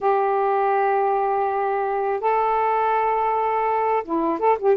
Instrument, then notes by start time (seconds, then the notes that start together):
saxophone
0.00 G4
2.20 A4
4.04 E4
4.39 A4
4.58 G4